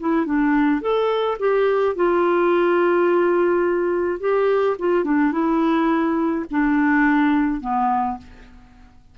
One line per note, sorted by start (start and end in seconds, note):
0.00 0.26 E4
0.26 0.81 D4
0.81 1.38 A4
1.39 1.96 G4
1.96 4.20 F4
4.20 4.77 G4
4.79 5.05 F4
5.05 5.32 D4
5.32 6.46 E4
6.51 7.61 D4
7.61 8.18 B3